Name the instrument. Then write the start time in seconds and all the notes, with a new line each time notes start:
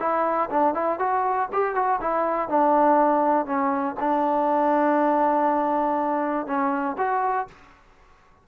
trombone
0.00 E4
0.50 D4
0.74 E4
0.99 F#4
1.53 G4
1.75 F#4
2.01 E4
2.49 D4
3.46 C#4
4.00 D4
6.46 C#4
6.98 F#4